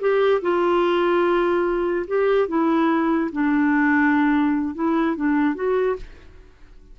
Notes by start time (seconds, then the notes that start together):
0.00 G4
0.41 F4
2.07 G4
2.48 E4
3.32 D4
4.74 E4
5.16 D4
5.55 F#4